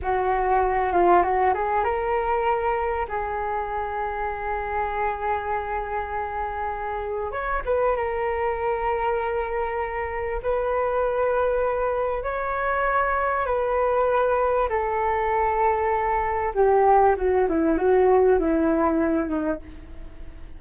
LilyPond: \new Staff \with { instrumentName = "flute" } { \time 4/4 \tempo 4 = 98 fis'4. f'8 fis'8 gis'8 ais'4~ | ais'4 gis'2.~ | gis'1 | cis''8 b'8 ais'2.~ |
ais'4 b'2. | cis''2 b'2 | a'2. g'4 | fis'8 e'8 fis'4 e'4. dis'8 | }